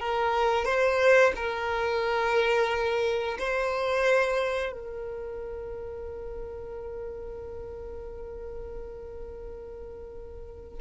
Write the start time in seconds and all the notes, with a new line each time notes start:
0.00 A#4
0.65 C5
1.36 A#4
3.39 C5
4.72 A#4